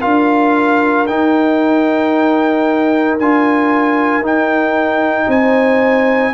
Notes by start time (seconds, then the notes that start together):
0.00 D4 F4 A#4 F5
1.07 D#4 G5
3.19 D4 F4 G#5
4.20 D#4
4.26 G5
5.28 C4 C5 G#5